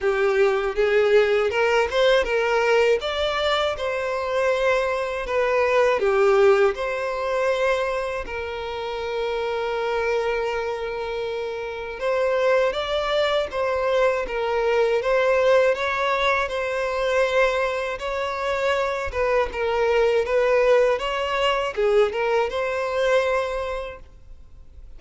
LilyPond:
\new Staff \with { instrumentName = "violin" } { \time 4/4 \tempo 4 = 80 g'4 gis'4 ais'8 c''8 ais'4 | d''4 c''2 b'4 | g'4 c''2 ais'4~ | ais'1 |
c''4 d''4 c''4 ais'4 | c''4 cis''4 c''2 | cis''4. b'8 ais'4 b'4 | cis''4 gis'8 ais'8 c''2 | }